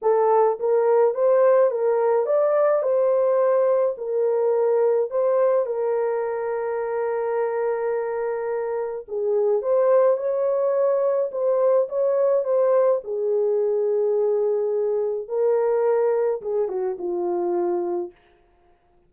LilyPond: \new Staff \with { instrumentName = "horn" } { \time 4/4 \tempo 4 = 106 a'4 ais'4 c''4 ais'4 | d''4 c''2 ais'4~ | ais'4 c''4 ais'2~ | ais'1 |
gis'4 c''4 cis''2 | c''4 cis''4 c''4 gis'4~ | gis'2. ais'4~ | ais'4 gis'8 fis'8 f'2 | }